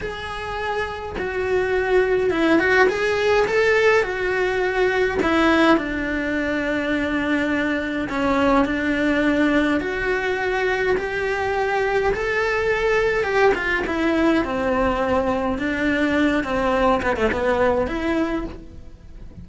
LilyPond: \new Staff \with { instrumentName = "cello" } { \time 4/4 \tempo 4 = 104 gis'2 fis'2 | e'8 fis'8 gis'4 a'4 fis'4~ | fis'4 e'4 d'2~ | d'2 cis'4 d'4~ |
d'4 fis'2 g'4~ | g'4 a'2 g'8 f'8 | e'4 c'2 d'4~ | d'8 c'4 b16 a16 b4 e'4 | }